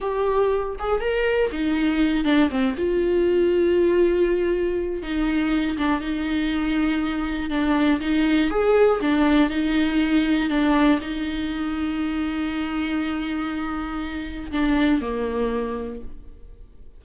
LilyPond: \new Staff \with { instrumentName = "viola" } { \time 4/4 \tempo 4 = 120 g'4. gis'8 ais'4 dis'4~ | dis'8 d'8 c'8 f'2~ f'8~ | f'2 dis'4. d'8 | dis'2. d'4 |
dis'4 gis'4 d'4 dis'4~ | dis'4 d'4 dis'2~ | dis'1~ | dis'4 d'4 ais2 | }